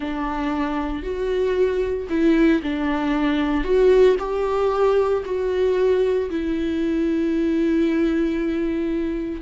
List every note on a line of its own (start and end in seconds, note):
0.00 1.02 D4
1.02 2.07 F#4
2.09 2.61 E4
2.63 3.64 D4
3.64 4.16 F#4
4.19 5.23 G4
5.25 6.29 F#4
6.30 9.41 E4